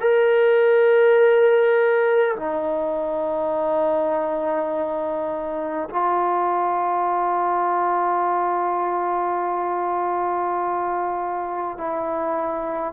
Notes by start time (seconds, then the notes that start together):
0.00 A#4
2.36 D#4
5.89 F4
11.77 E4